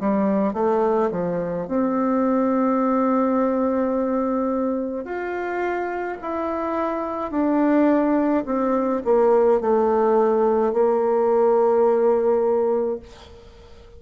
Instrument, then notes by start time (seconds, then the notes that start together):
bassoon
0.00 G3
0.54 A3
1.12 F3
1.68 C4
5.05 F4
6.22 E4
7.31 D4
8.46 C4
9.05 A#3
9.61 A3
10.73 A#3